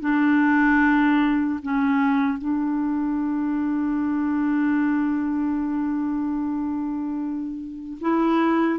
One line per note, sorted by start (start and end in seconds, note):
0.00 1.60 D4
1.62 2.38 C#4
2.38 7.98 D4
8.01 8.79 E4